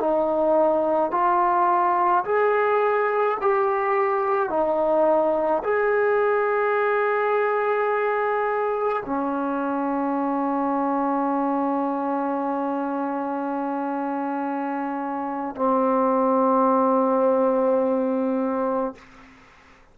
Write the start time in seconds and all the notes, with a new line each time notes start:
0.00 D#4
1.11 F4
2.25 G#4
3.41 G4
4.50 D#4
5.64 G#4
9.06 C#4
15.56 C4